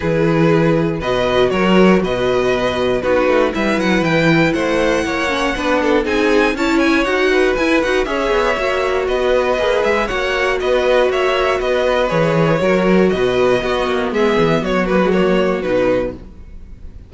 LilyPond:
<<
  \new Staff \with { instrumentName = "violin" } { \time 4/4 \tempo 4 = 119 b'2 dis''4 cis''4 | dis''2 b'4 e''8 fis''8 | g''4 fis''2. | gis''4 a''8 gis''8 fis''4 gis''8 fis''8 |
e''2 dis''4. e''8 | fis''4 dis''4 e''4 dis''4 | cis''2 dis''2 | e''4 cis''8 b'8 cis''4 b'4 | }
  \new Staff \with { instrumentName = "violin" } { \time 4/4 gis'2 b'4 ais'4 | b'2 fis'4 b'4~ | b'4 c''4 cis''4 b'8 a'8 | gis'4 cis''4. b'4. |
cis''2 b'2 | cis''4 b'4 cis''4 b'4~ | b'4 ais'4 b'4 fis'4 | gis'4 fis'2. | }
  \new Staff \with { instrumentName = "viola" } { \time 4/4 e'2 fis'2~ | fis'2 dis'4 e'4~ | e'2~ e'8 cis'8 d'4 | dis'4 e'4 fis'4 e'8 fis'8 |
gis'4 fis'2 gis'4 | fis'1 | gis'4 fis'2 b4~ | b4. ais16 gis16 ais4 dis'4 | }
  \new Staff \with { instrumentName = "cello" } { \time 4/4 e2 b,4 fis4 | b,2 b8 a8 g8 fis8 | e4 a4 ais4 b4 | c'4 cis'4 dis'4 e'8 dis'8 |
cis'8 b8 ais4 b4 ais8 gis8 | ais4 b4 ais4 b4 | e4 fis4 b,4 b8 ais8 | gis8 e8 fis2 b,4 | }
>>